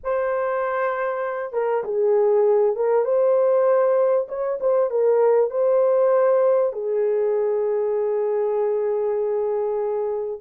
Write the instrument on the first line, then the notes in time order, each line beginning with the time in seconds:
horn
0.03 C5
1.53 A#4
1.84 G#4
2.76 A#4
3.04 C5
4.28 C#5
4.60 C5
4.90 A#4
5.50 C5
6.73 G#4